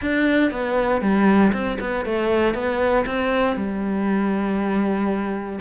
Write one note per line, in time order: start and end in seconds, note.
0.01 0.51 D4
0.51 1.01 B3
1.01 1.52 G3
1.52 1.78 C4
1.80 2.05 B3
2.05 2.54 A3
2.54 3.05 B3
3.05 3.56 C4
3.56 5.59 G3